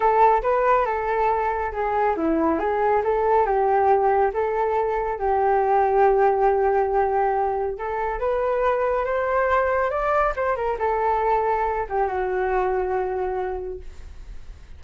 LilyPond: \new Staff \with { instrumentName = "flute" } { \time 4/4 \tempo 4 = 139 a'4 b'4 a'2 | gis'4 e'4 gis'4 a'4 | g'2 a'2 | g'1~ |
g'2 a'4 b'4~ | b'4 c''2 d''4 | c''8 ais'8 a'2~ a'8 g'8 | fis'1 | }